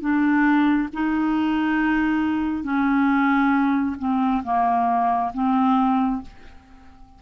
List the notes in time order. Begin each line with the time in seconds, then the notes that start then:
0.00 D4
0.93 D#4
2.64 C#4
3.99 C4
4.43 A#3
5.33 C4